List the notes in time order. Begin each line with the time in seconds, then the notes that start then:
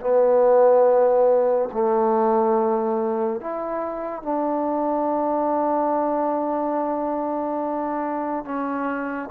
0.00 B3
1.72 A3
3.40 E4
4.22 D4
8.44 C#4